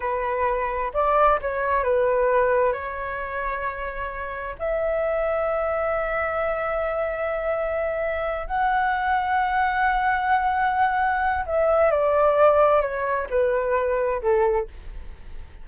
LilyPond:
\new Staff \with { instrumentName = "flute" } { \time 4/4 \tempo 4 = 131 b'2 d''4 cis''4 | b'2 cis''2~ | cis''2 e''2~ | e''1~ |
e''2~ e''8 fis''4.~ | fis''1~ | fis''4 e''4 d''2 | cis''4 b'2 a'4 | }